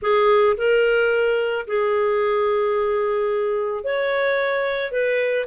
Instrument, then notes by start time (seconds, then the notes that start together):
clarinet
0.01 G#4
0.57 A#4
1.67 G#4
3.83 C#5
4.91 B4